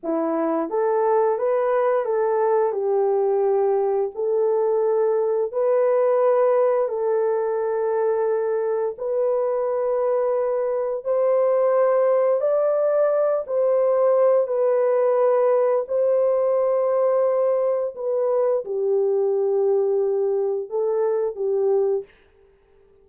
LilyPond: \new Staff \with { instrumentName = "horn" } { \time 4/4 \tempo 4 = 87 e'4 a'4 b'4 a'4 | g'2 a'2 | b'2 a'2~ | a'4 b'2. |
c''2 d''4. c''8~ | c''4 b'2 c''4~ | c''2 b'4 g'4~ | g'2 a'4 g'4 | }